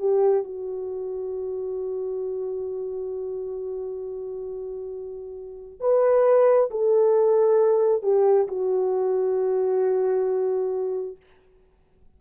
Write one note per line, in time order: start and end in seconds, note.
0.00 0.44 G4
0.44 5.80 F#4
5.80 6.70 B4
6.71 8.03 A4
8.03 8.48 G4
8.48 11.17 F#4